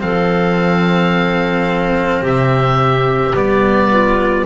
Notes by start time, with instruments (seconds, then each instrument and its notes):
0.00 double bass F3, cello C4, clarinet A4, oboe F5
2.22 double bass C3, clarinet G4, oboe E5
3.34 double bass G3, cello B3, oboe D5
3.91 clarinet F4